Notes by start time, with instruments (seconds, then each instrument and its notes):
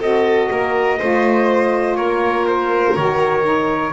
0.00 double bass C4, saxophone F#4, violin A4, trumpet D#5
0.51 double bass A#3, violin A#4
0.99 double bass A3, saxophone F4, violin C5
1.96 double bass A#3, violin A#4, trumpet C#5
2.47 trumpet C5
2.96 double bass D#3, saxophone F#4, trumpet C#5
3.42 saxophone D#4